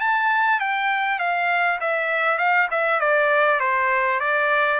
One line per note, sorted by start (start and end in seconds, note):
0.00 0.60 A5
0.60 1.19 G5
1.19 1.79 F5
1.81 2.38 E5
2.38 2.68 F5
2.71 3.00 E5
3.00 3.60 D5
3.60 4.20 C5
4.20 4.80 D5